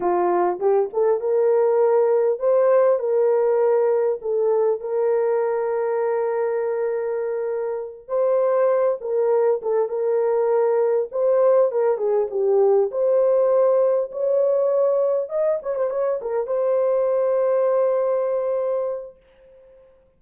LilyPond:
\new Staff \with { instrumentName = "horn" } { \time 4/4 \tempo 4 = 100 f'4 g'8 a'8 ais'2 | c''4 ais'2 a'4 | ais'1~ | ais'4. c''4. ais'4 |
a'8 ais'2 c''4 ais'8 | gis'8 g'4 c''2 cis''8~ | cis''4. dis''8 cis''16 c''16 cis''8 ais'8 c''8~ | c''1 | }